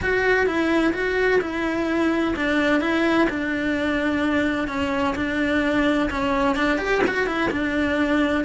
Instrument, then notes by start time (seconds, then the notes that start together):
cello
0.02 F#4
0.46 E4
0.93 F#4
1.41 E4
2.36 D4
2.80 E4
3.29 D4
4.67 C#4
5.15 D4
6.10 C#4
6.56 D4
6.78 G4
7.07 F#4
7.27 E4
7.51 D4